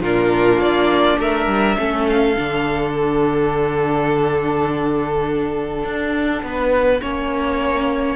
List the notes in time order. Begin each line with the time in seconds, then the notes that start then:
0.00 A#2 D4 F4 A#4
0.59 A#3 D5
1.19 A3 A#4 E5
1.47 G3
1.78 A3 C#4 A4
2.09 F5
2.37 D3 D4
2.93 F#5
5.84 D4
6.43 B3 B4
7.01 A#3 C#4 C#5